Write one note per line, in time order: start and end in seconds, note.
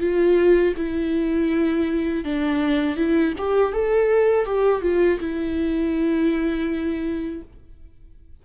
0.00 0.74 F4
0.76 2.24 E4
2.24 2.97 D4
2.97 3.33 E4
3.38 3.73 G4
3.73 4.45 A4
4.45 4.81 G4
4.81 5.19 F4
5.20 7.42 E4